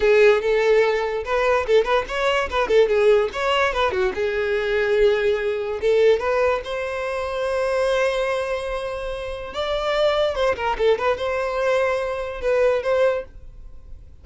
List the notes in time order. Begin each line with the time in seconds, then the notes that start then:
0.00 G#4
0.41 A4
1.24 B4
1.66 A4
1.84 B4
2.07 C#5
2.49 B4
2.67 A4
2.88 G#4
3.33 C#5
3.73 B4
3.91 F#4
4.14 G#4
5.81 A4
6.19 B4
6.64 C5
9.53 D5
10.35 C5
10.56 A#4
10.78 A4
10.98 B4
11.17 C5
12.41 B4
12.83 C5